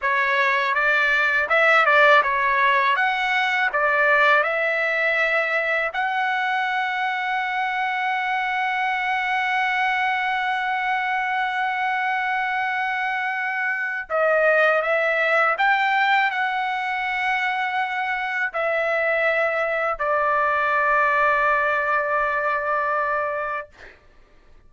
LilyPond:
\new Staff \with { instrumentName = "trumpet" } { \time 4/4 \tempo 4 = 81 cis''4 d''4 e''8 d''8 cis''4 | fis''4 d''4 e''2 | fis''1~ | fis''1~ |
fis''2. dis''4 | e''4 g''4 fis''2~ | fis''4 e''2 d''4~ | d''1 | }